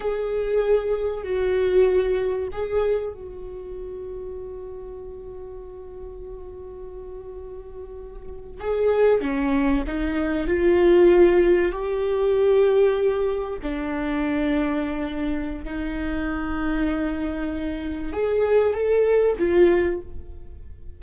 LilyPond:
\new Staff \with { instrumentName = "viola" } { \time 4/4 \tempo 4 = 96 gis'2 fis'2 | gis'4 fis'2.~ | fis'1~ | fis'4.~ fis'16 gis'4 cis'4 dis'16~ |
dis'8. f'2 g'4~ g'16~ | g'4.~ g'16 d'2~ d'16~ | d'4 dis'2.~ | dis'4 gis'4 a'4 f'4 | }